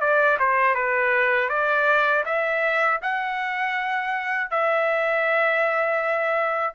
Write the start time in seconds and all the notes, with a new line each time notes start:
0.00 D5
0.39 C5
0.74 B4
1.49 D5
2.25 E5
3.02 F#5
4.50 E5